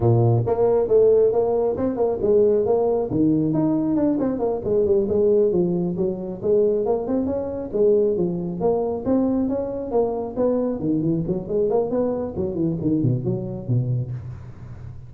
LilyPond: \new Staff \with { instrumentName = "tuba" } { \time 4/4 \tempo 4 = 136 ais,4 ais4 a4 ais4 | c'8 ais8 gis4 ais4 dis4 | dis'4 d'8 c'8 ais8 gis8 g8 gis8~ | gis8 f4 fis4 gis4 ais8 |
c'8 cis'4 gis4 f4 ais8~ | ais8 c'4 cis'4 ais4 b8~ | b8 dis8 e8 fis8 gis8 ais8 b4 | fis8 e8 dis8 b,8 fis4 b,4 | }